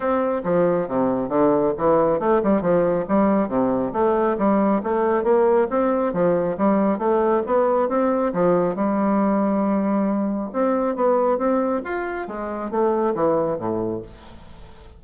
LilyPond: \new Staff \with { instrumentName = "bassoon" } { \time 4/4 \tempo 4 = 137 c'4 f4 c4 d4 | e4 a8 g8 f4 g4 | c4 a4 g4 a4 | ais4 c'4 f4 g4 |
a4 b4 c'4 f4 | g1 | c'4 b4 c'4 f'4 | gis4 a4 e4 a,4 | }